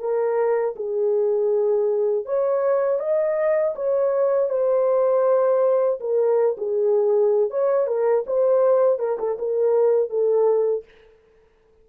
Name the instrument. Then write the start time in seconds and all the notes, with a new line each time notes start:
horn
0.00 A#4
0.76 G#4
2.26 C#5
3.00 D#5
3.76 C#5
4.50 C5
6.00 A#4
6.58 G#4
7.51 C#5
7.88 A#4
8.27 C5
8.99 A#4
9.19 A4
9.39 A#4
10.10 A4